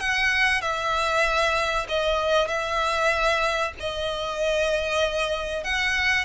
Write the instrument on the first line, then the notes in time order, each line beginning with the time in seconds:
violin
0.00 F#5
0.62 E5
1.89 D#5
2.48 E5
3.80 D#5
5.64 F#5